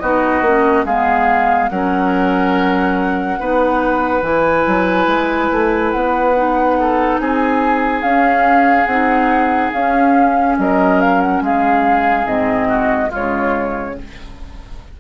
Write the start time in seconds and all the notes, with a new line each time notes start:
0.00 B3 D#4 F#4 D#5
0.42 A#3 C#4
0.85 G#3 B3 G#4 F5
1.70 F#3 C#4 A#4 F#5
3.39 B3 D#4 B4
4.22 E3 E4 G#5
4.67 F#3
5.07 G#3
5.52 A3
5.91 B3 F#5
6.36 D#4
6.80 A4
7.19 C4 G#4 G#5
8.02 C#4 F5
8.86 C4 D#4 F#5
9.72 C#4 F5
10.58 F#3 A#4 D#5
11.01 F5
11.21 F#5
11.41 G#3 G#4 F5
12.26 G#2 C4 D#5
12.68 F#4
13.09 G#3 F4 C#5
13.16 C#3